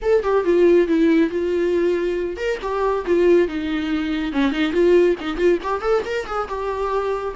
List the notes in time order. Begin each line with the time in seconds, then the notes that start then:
0.01 A4
0.23 G4
0.44 F4
0.87 E4
1.29 F4
2.36 A#4
2.62 G4
3.06 F4
3.47 D#4
4.32 C#4
4.51 D#4
4.72 F4
5.20 D#4
5.36 F4
5.63 G4
5.81 A4
6.05 A#4
6.26 G#4
6.48 G4